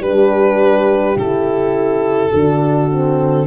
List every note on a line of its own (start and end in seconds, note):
0.00 1.15 G3
0.00 1.18 D4
0.00 2.32 G4
0.00 1.18 B4
1.16 2.32 C#3
1.16 2.33 E4
1.16 3.47 A4
2.34 3.47 D3
2.34 2.92 D4
2.34 3.47 F#4
2.92 3.47 C4